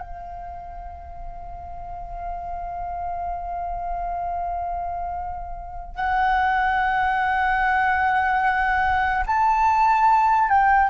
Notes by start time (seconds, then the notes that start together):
0.00 F5
5.96 F#5
9.27 A5
10.49 G5